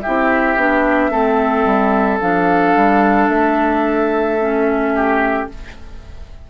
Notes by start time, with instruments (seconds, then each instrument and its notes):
0.00 clarinet E4, oboe G4, flute E5
0.07 bassoon C4
0.56 bassoon B3, clarinet D4
1.10 bassoon A3, clarinet C4, oboe A4
1.64 bassoon G3
2.20 bassoon F3, clarinet D4, flute F5
2.75 bassoon G3
3.28 bassoon A3, flute E5
4.39 clarinet C#4
4.95 oboe G4